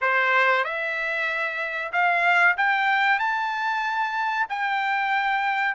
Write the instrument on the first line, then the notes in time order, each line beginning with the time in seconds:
trumpet
0.01 C5
0.64 E5
1.92 F5
2.57 G5
3.19 A5
4.49 G5